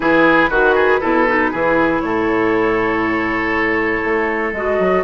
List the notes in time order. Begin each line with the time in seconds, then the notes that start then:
0.00 E3 E4 G#4 B4
0.49 D#3 F#4
0.74 G#4
1.00 B2 E4 A4
1.27 D#4
1.51 E3 E4 G#4
2.00 A2 A4 C#5
4.04 A3
4.52 G#3 F#4 D#5
4.79 F#3